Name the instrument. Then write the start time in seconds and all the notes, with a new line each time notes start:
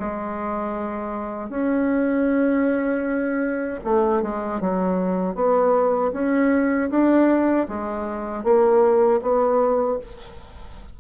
bassoon
0.00 G#3
1.50 C#4
3.85 A3
4.22 G#3
4.61 F#3
5.35 B3
6.13 C#4
6.91 D4
7.69 G#3
8.44 A#3
9.22 B3